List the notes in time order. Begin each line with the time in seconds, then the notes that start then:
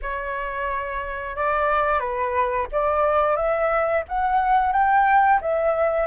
0.02 C#5
1.35 D5
1.99 B4
2.72 D5
3.36 E5
4.08 F#5
4.72 G5
5.41 E5